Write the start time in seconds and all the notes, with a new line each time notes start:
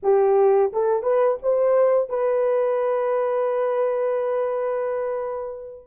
0.03 G4
0.72 A4
1.03 B4
1.42 C5
2.09 B4